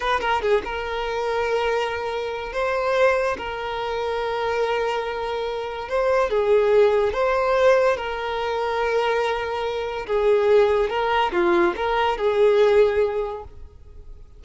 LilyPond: \new Staff \with { instrumentName = "violin" } { \time 4/4 \tempo 4 = 143 b'8 ais'8 gis'8 ais'2~ ais'8~ | ais'2 c''2 | ais'1~ | ais'2 c''4 gis'4~ |
gis'4 c''2 ais'4~ | ais'1 | gis'2 ais'4 f'4 | ais'4 gis'2. | }